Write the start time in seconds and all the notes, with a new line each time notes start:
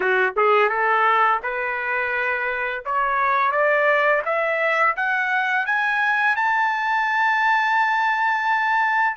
0.00 F#4
0.36 G#4
0.69 A4
1.42 B4
2.85 C#5
3.51 D5
4.25 E5
4.96 F#5
5.65 G#5
6.36 A5